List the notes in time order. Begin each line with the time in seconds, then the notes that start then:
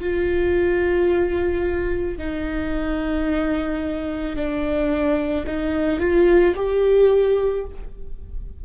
0.00 F4
2.18 D#4
4.36 D4
5.47 D#4
6.00 F4
6.56 G4